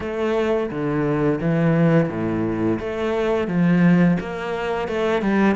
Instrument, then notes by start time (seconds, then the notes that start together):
cello
0.00 A3
0.70 D3
1.40 E3
2.09 A2
2.79 A3
3.47 F3
4.20 A#3
4.88 A3
5.22 G3